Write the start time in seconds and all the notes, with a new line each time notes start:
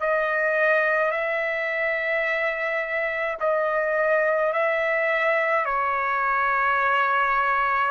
0.00 D#5
1.11 E5
3.40 D#5
4.52 E5
5.65 C#5